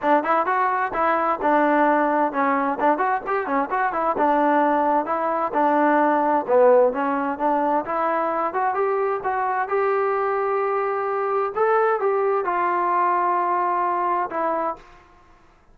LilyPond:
\new Staff \with { instrumentName = "trombone" } { \time 4/4 \tempo 4 = 130 d'8 e'8 fis'4 e'4 d'4~ | d'4 cis'4 d'8 fis'8 g'8 cis'8 | fis'8 e'8 d'2 e'4 | d'2 b4 cis'4 |
d'4 e'4. fis'8 g'4 | fis'4 g'2.~ | g'4 a'4 g'4 f'4~ | f'2. e'4 | }